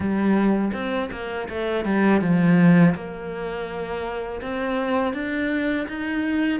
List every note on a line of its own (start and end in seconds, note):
0.00 0.71 G3
0.73 1.09 C4
1.11 1.48 A#3
1.49 1.84 A3
1.84 2.21 G3
2.21 2.94 F3
2.95 4.41 A#3
4.41 5.13 C4
5.13 5.86 D4
5.88 6.60 D#4